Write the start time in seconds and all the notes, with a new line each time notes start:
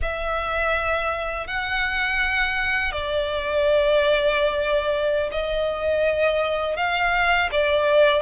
0.02 E5
1.47 F#5
2.92 D5
5.31 D#5
6.76 F5
7.51 D5